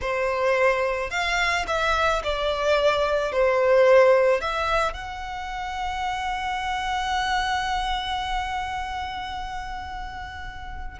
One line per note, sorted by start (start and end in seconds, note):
0.01 1.10 C5
1.10 1.65 F5
1.67 2.22 E5
2.23 3.32 D5
3.32 4.41 C5
4.41 4.93 E5
4.93 10.98 F#5